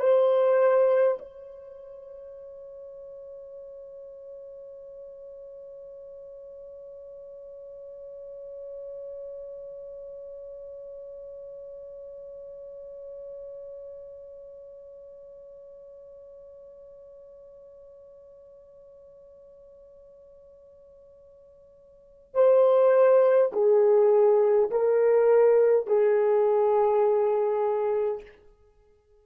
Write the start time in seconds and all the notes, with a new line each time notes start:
0.00 C5
1.19 C#5
22.35 C5
23.53 G#4
24.71 A#4
25.88 G#4